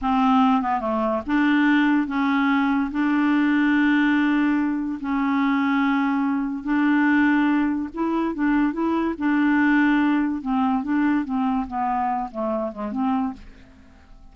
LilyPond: \new Staff \with { instrumentName = "clarinet" } { \time 4/4 \tempo 4 = 144 c'4. b8 a4 d'4~ | d'4 cis'2 d'4~ | d'1 | cis'1 |
d'2. e'4 | d'4 e'4 d'2~ | d'4 c'4 d'4 c'4 | b4. a4 gis8 c'4 | }